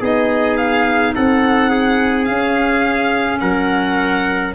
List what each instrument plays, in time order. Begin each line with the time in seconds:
0.00 tuba B3, clarinet D#4, trumpet G#4, violin D#5
0.57 violin F5
1.15 tuba C4, trumpet A4, violin F#5
1.70 trumpet G#4
2.24 clarinet C#4, tuba C#4, violin F5
3.40 tuba F#3, trumpet A#4, violin F#5